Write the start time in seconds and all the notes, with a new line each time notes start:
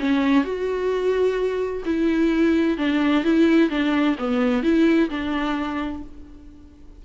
0.00 C#4
0.44 F#4
1.86 E4
2.78 D4
3.24 E4
3.70 D4
4.19 B3
4.63 E4
5.10 D4